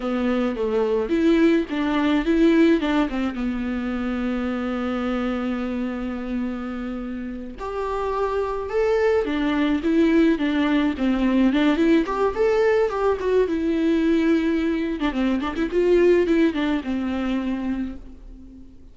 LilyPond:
\new Staff \with { instrumentName = "viola" } { \time 4/4 \tempo 4 = 107 b4 a4 e'4 d'4 | e'4 d'8 c'8 b2~ | b1~ | b4. g'2 a'8~ |
a'8 d'4 e'4 d'4 c'8~ | c'8 d'8 e'8 g'8 a'4 g'8 fis'8 | e'2~ e'8. d'16 c'8 d'16 e'16 | f'4 e'8 d'8 c'2 | }